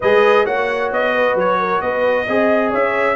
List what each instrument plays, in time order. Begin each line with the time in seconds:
0.00 tuba G#3, trombone G#4, horn B4, trumpet D#5
0.45 tuba A#3, trombone F#4, horn C#5, trumpet F#5
0.92 tuba B3, trumpet D#5
1.15 horn B4
1.34 tuba F#3, trumpet C#5
1.59 horn A#4
1.81 tuba B3, horn B4, trumpet D#5
2.25 tuba C4, trombone G#4, horn D#5
2.70 tuba C#4, horn C#5, trumpet E5